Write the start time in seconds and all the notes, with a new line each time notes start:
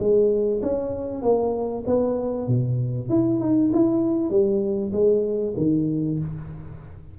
0.00 G#3
0.62 C#4
1.23 A#3
1.87 B3
2.48 B2
3.10 E4
3.40 D#4
3.73 E4
4.30 G3
4.93 G#3
5.57 D#3